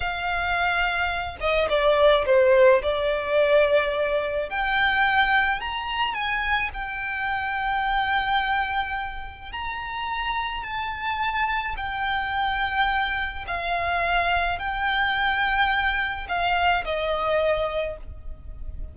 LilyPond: \new Staff \with { instrumentName = "violin" } { \time 4/4 \tempo 4 = 107 f''2~ f''8 dis''8 d''4 | c''4 d''2. | g''2 ais''4 gis''4 | g''1~ |
g''4 ais''2 a''4~ | a''4 g''2. | f''2 g''2~ | g''4 f''4 dis''2 | }